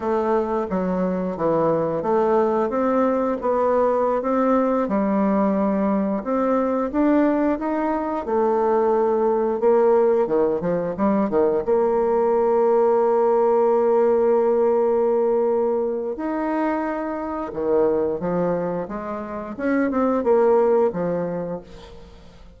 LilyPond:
\new Staff \with { instrumentName = "bassoon" } { \time 4/4 \tempo 4 = 89 a4 fis4 e4 a4 | c'4 b4~ b16 c'4 g8.~ | g4~ g16 c'4 d'4 dis'8.~ | dis'16 a2 ais4 dis8 f16~ |
f16 g8 dis8 ais2~ ais8.~ | ais1 | dis'2 dis4 f4 | gis4 cis'8 c'8 ais4 f4 | }